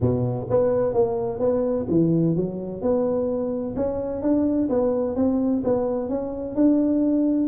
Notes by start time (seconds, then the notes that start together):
0.00 B2
0.50 B3
0.93 A#3
1.39 B3
1.89 E3
2.36 F#3
2.81 B3
3.76 C#4
4.22 D4
4.69 B3
5.15 C4
5.64 B3
6.09 C#4
6.55 D4